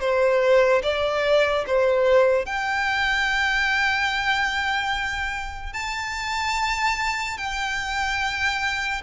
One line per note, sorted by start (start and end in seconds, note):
0.00 0.82 C5
0.83 1.65 D5
1.67 2.46 C5
2.46 5.73 G5
5.73 7.38 A5
7.38 9.02 G5